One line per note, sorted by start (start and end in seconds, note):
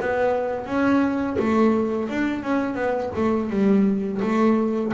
0.00 0.66 B3
0.66 1.36 C#4
1.39 2.09 A3
2.09 2.43 D4
2.43 2.75 C#4
2.75 3.10 B3
3.15 3.50 A3
3.50 4.20 G3
4.22 4.93 A3